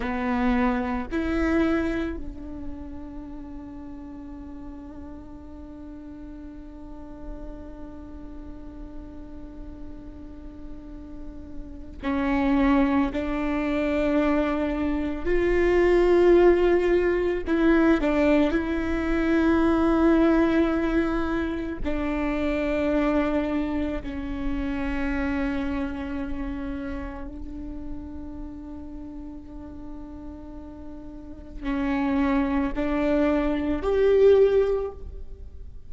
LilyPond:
\new Staff \with { instrumentName = "viola" } { \time 4/4 \tempo 4 = 55 b4 e'4 d'2~ | d'1~ | d'2. cis'4 | d'2 f'2 |
e'8 d'8 e'2. | d'2 cis'2~ | cis'4 d'2.~ | d'4 cis'4 d'4 g'4 | }